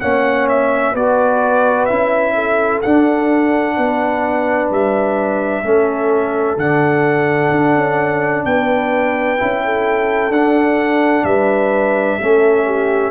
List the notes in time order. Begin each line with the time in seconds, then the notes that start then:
0.00 A#3 C#4 C#5 F#5
0.48 E5
0.92 B3 F#4 B4 D5
1.85 C#4 E4 E5
2.34 A4
2.81 D4 F#5
3.76 B3 B4
4.70 G3 E5
5.62 A3 C#4 A4
6.56 D3 D4 F#5
7.50 D4
7.74 C#4
8.45 B3 B4 G5
9.38 C#4 E4
9.64 A4
10.29 D4 F#5
10.35 D4
11.23 G3 B4 E5
12.20 A3 C#4 A4
12.65 G4